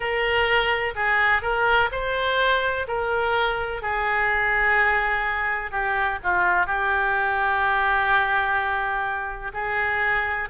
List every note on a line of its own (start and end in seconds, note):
0.00 0.94 A#4
0.95 1.42 G#4
1.42 1.89 A#4
1.91 2.86 C5
2.87 3.82 A#4
3.82 5.71 G#4
5.71 6.18 G4
6.23 6.66 F4
6.66 9.52 G4
9.53 10.48 G#4